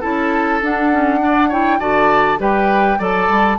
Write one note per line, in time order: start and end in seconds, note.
0.00 0.62 C#4
0.00 0.60 E4
0.00 1.19 A4
0.00 0.61 A5
0.62 0.91 D4
0.62 1.80 D4
0.62 1.52 F#5
0.91 1.19 C#4
1.19 1.49 D4
1.19 1.48 D5
1.48 1.79 E4
1.48 1.78 C#5
1.48 1.80 G5
1.79 2.39 D3
1.79 2.37 F#4
1.79 2.39 D5
1.79 2.39 A5
2.37 2.98 G3
2.37 2.97 G4
2.37 2.98 B4
2.37 3.01 G5
2.98 3.28 F#3
2.98 3.58 A4
2.98 3.58 D5
2.98 3.58 A5
3.28 3.58 G3